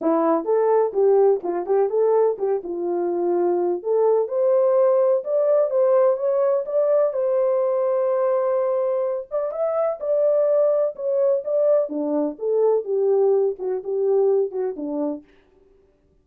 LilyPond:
\new Staff \with { instrumentName = "horn" } { \time 4/4 \tempo 4 = 126 e'4 a'4 g'4 f'8 g'8 | a'4 g'8 f'2~ f'8 | a'4 c''2 d''4 | c''4 cis''4 d''4 c''4~ |
c''2.~ c''8 d''8 | e''4 d''2 cis''4 | d''4 d'4 a'4 g'4~ | g'8 fis'8 g'4. fis'8 d'4 | }